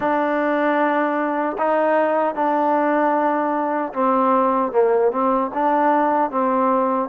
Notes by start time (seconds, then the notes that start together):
0.00 D4
1.58 D#4
2.34 D4
3.93 C4
4.72 A#3
5.11 C4
5.54 D4
6.31 C4